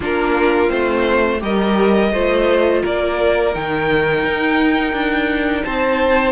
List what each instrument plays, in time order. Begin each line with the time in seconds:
0.00 cello A#3, viola D4, violin F4 A#4
0.68 cello A3, viola C4, violin C5
1.39 cello G3, viola G4, violin A#4 D#5
2.12 cello A3, viola F4, violin C5
2.82 cello A#3, violin A#4 D5
3.52 cello D#3, viola D#4, violin G5
4.24 cello D#4
4.92 cello D4
5.63 cello C4, violin C5 A5